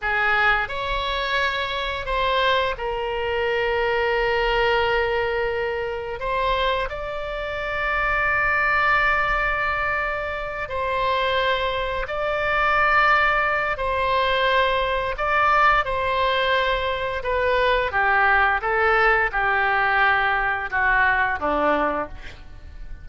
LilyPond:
\new Staff \with { instrumentName = "oboe" } { \time 4/4 \tempo 4 = 87 gis'4 cis''2 c''4 | ais'1~ | ais'4 c''4 d''2~ | d''2.~ d''8 c''8~ |
c''4. d''2~ d''8 | c''2 d''4 c''4~ | c''4 b'4 g'4 a'4 | g'2 fis'4 d'4 | }